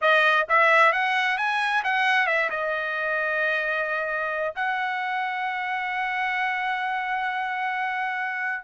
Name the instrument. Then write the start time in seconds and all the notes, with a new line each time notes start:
trumpet
0.01 D#5
0.49 E5
0.92 F#5
1.37 G#5
1.84 F#5
2.26 E5
2.50 D#5
4.55 F#5